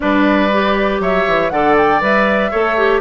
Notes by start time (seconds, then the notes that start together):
0.00 G3 D4 B4 D5
0.52 G4
0.99 F#3 C#5 E5
1.27 E3
1.49 D3 A4 D5 F#5
1.77 G5
2.01 G3 B4 E5
2.51 A3 A4 C#5
2.77 G4